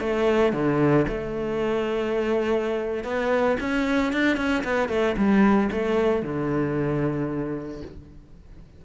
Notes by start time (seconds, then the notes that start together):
0.00 A3
0.53 D3
1.08 A3
3.04 B3
3.60 C#4
4.13 D4
4.37 C#4
4.64 B3
4.89 A3
5.17 G3
5.72 A3
6.23 D3